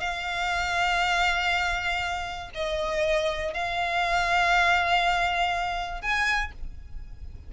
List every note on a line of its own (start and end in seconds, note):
0.00 2.50 F5
2.54 3.54 D#5
3.54 6.02 F5
6.02 6.52 G#5